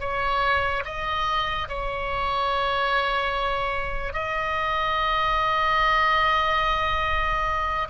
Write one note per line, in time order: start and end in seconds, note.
0.00 0.83 C#5
0.84 1.68 D#5
1.68 4.13 C#5
4.13 7.88 D#5